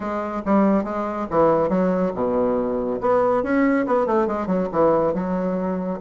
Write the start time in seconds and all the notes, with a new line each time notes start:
0.00 G#3
0.45 G3
0.84 G#3
1.30 E3
1.69 F#3
2.14 B2
3.00 B3
3.43 C#4
3.86 B3
4.06 A3
4.27 G#3
4.46 F#3
4.72 E3
5.13 F#3